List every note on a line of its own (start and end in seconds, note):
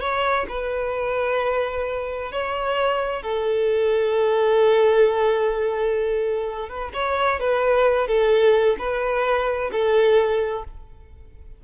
0.00 0.46 C#5
0.49 2.32 B4
2.32 3.23 C#5
3.23 6.69 A4
6.69 6.92 B4
6.94 7.40 C#5
7.40 8.07 B4
8.07 8.77 A4
8.79 9.71 B4
9.72 10.64 A4